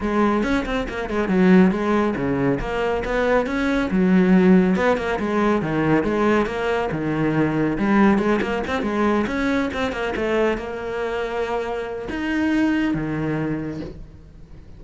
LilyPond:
\new Staff \with { instrumentName = "cello" } { \time 4/4 \tempo 4 = 139 gis4 cis'8 c'8 ais8 gis8 fis4 | gis4 cis4 ais4 b4 | cis'4 fis2 b8 ais8 | gis4 dis4 gis4 ais4 |
dis2 g4 gis8 ais8 | c'8 gis4 cis'4 c'8 ais8 a8~ | a8 ais2.~ ais8 | dis'2 dis2 | }